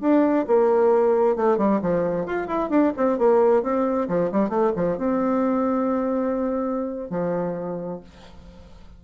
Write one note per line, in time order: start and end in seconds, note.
0.00 0.45 D4
0.47 1.36 A#3
1.36 1.57 A3
1.57 1.80 G3
1.81 2.26 F3
2.26 2.47 F4
2.47 2.69 E4
2.69 2.92 D4
2.97 3.18 C4
3.18 3.63 A#3
3.63 4.08 C4
4.08 4.31 F3
4.32 4.49 G3
4.49 4.72 A3
4.76 4.97 F3
4.97 7.10 C4
7.10 8.00 F3